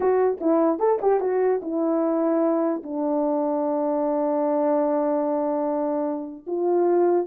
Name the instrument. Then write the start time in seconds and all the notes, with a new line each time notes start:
horn
0.00 F#4
0.40 E4
0.79 A4
1.01 G4
1.20 F#4
1.61 E4
2.83 D4
6.46 F4